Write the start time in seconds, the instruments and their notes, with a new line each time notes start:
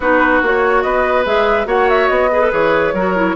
0.00 bassoon B3, clarinet D#4, oboe F#4, flute B4
0.42 bassoon A#3, clarinet F#4, flute C#5
0.82 bassoon B3, oboe B4, flute D#5
1.25 bassoon G#3, clarinet G#4, flute E5
1.65 bassoon A#3, clarinet F#4, oboe C#5, flute F#5
1.89 flute E5
2.08 bassoon B3, flute D#5
2.31 clarinet G#4, oboe B4
2.41 clarinet A4
2.51 bassoon E3, clarinet G#4, flute C#5
2.93 bassoon F#3, clarinet F#4, oboe A#4
3.16 clarinet E4